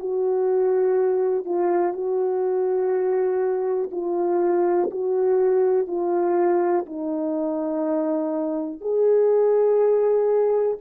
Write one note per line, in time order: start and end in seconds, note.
0.00 1.46 F#4
1.46 1.93 F4
1.93 3.90 F#4
3.92 4.90 F4
4.91 5.87 F#4
5.87 6.86 F4
6.86 8.81 D#4
8.81 10.78 G#4